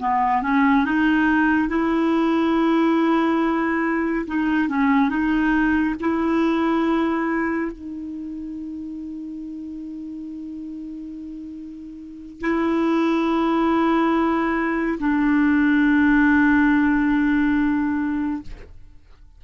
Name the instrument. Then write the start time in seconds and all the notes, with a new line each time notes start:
clarinet
0.00 B3
0.42 C#4
0.85 D#4
1.69 E4
4.27 D#4
4.69 C#4
5.10 D#4
6.00 E4
7.72 D#4
12.41 E4
15.00 D4